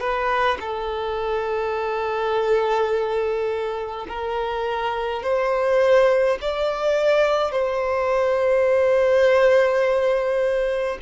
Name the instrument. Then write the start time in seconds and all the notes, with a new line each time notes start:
violin
0.00 B4
0.60 A4
4.08 A#4
5.23 C5
6.41 D5
7.52 C5